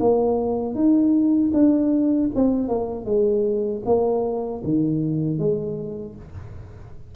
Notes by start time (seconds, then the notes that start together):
0.00 A#3
0.75 D#4
1.54 D4
2.36 C4
2.69 A#3
3.06 G#3
3.86 A#3
4.64 D#3
5.39 G#3